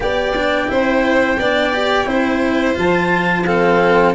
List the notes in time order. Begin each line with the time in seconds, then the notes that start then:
0.00 B3 G4 D5 G5
0.36 D4
0.67 C4 E4 C5
1.39 B3 D4 D5
1.73 G4
2.05 C4 E4 C5
2.74 F3 F4 A5
3.45 C4 A4 F5